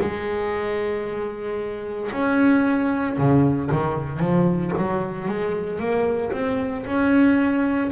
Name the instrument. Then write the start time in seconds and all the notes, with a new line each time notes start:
double bass
0.00 G#3
2.11 C#4
3.17 C#3
3.71 D#3
4.19 F3
4.77 F#3
5.28 G#3
5.79 A#3
6.32 C4
6.86 C#4